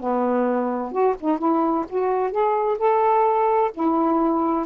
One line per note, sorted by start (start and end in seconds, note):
0.00 0.92 B3
0.92 1.15 F#4
1.20 1.38 D#4
1.38 1.85 E4
1.89 2.31 F#4
2.31 2.78 G#4
2.78 3.71 A4
3.74 4.66 E4